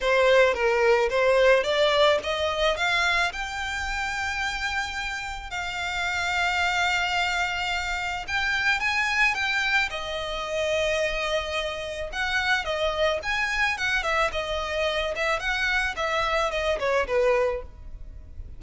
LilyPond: \new Staff \with { instrumentName = "violin" } { \time 4/4 \tempo 4 = 109 c''4 ais'4 c''4 d''4 | dis''4 f''4 g''2~ | g''2 f''2~ | f''2. g''4 |
gis''4 g''4 dis''2~ | dis''2 fis''4 dis''4 | gis''4 fis''8 e''8 dis''4. e''8 | fis''4 e''4 dis''8 cis''8 b'4 | }